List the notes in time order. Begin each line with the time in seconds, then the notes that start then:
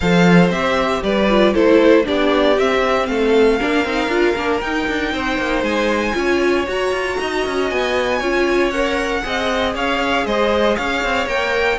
0.00 F3 A4 C5 F5
0.50 C4 G4 E5
1.03 G3 B4 D5
1.29 F4
1.53 A3 E4 A4 C5
2.04 B3 D4 G4 D5
2.58 C4 E5
3.06 A3 A4 F5
3.59 A#3 D4 A#4
3.84 C4 D#4
4.07 D4 F4
4.35 A#3 D4
4.60 D#4 G5
4.87 D4
5.12 C4 C5
5.38 A#3
5.62 G#3 G#5
6.13 C#4 F4 C#5
6.67 F#4 A#5
6.92 F4
7.20 D#4 D#5
7.46 C#4
7.69 B3 G#5
8.18 C#4 F4 C#5
8.70 A#4 F#5
9.23 C4 G#4 D#5
9.74 C#4 C#5 F5
10.25 G#3 C5 D#5
10.76 C#4 C#5 F5
11.03 C4
11.26 A#3 A#4 G5